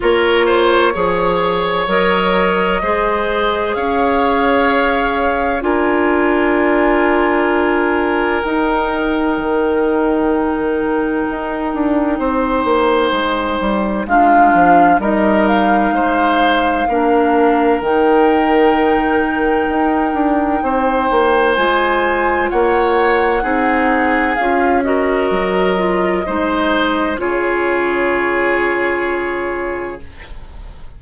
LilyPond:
<<
  \new Staff \with { instrumentName = "flute" } { \time 4/4 \tempo 4 = 64 cis''2 dis''2 | f''2 gis''2~ | gis''4 g''2.~ | g''2. f''4 |
dis''8 f''2~ f''8 g''4~ | g''2. gis''4 | fis''2 f''8 dis''4.~ | dis''4 cis''2. | }
  \new Staff \with { instrumentName = "oboe" } { \time 4/4 ais'8 c''8 cis''2 c''4 | cis''2 ais'2~ | ais'1~ | ais'4 c''2 f'4 |
ais'4 c''4 ais'2~ | ais'2 c''2 | cis''4 gis'4. ais'4. | c''4 gis'2. | }
  \new Staff \with { instrumentName = "clarinet" } { \time 4/4 f'4 gis'4 ais'4 gis'4~ | gis'2 f'2~ | f'4 dis'2.~ | dis'2. d'4 |
dis'2 d'4 dis'4~ | dis'2. f'4~ | f'4 dis'4 f'8 fis'4 f'8 | dis'4 f'2. | }
  \new Staff \with { instrumentName = "bassoon" } { \time 4/4 ais4 f4 fis4 gis4 | cis'2 d'2~ | d'4 dis'4 dis2 | dis'8 d'8 c'8 ais8 gis8 g8 gis8 f8 |
g4 gis4 ais4 dis4~ | dis4 dis'8 d'8 c'8 ais8 gis4 | ais4 c'4 cis'4 fis4 | gis4 cis2. | }
>>